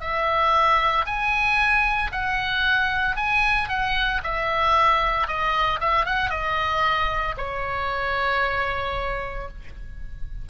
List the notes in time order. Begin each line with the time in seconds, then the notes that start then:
0.00 E5
1.05 G#5
2.11 F#5
3.16 G#5
3.68 F#5
4.23 E5
5.27 D#5
5.79 E5
6.05 F#5
6.29 D#5
7.37 C#5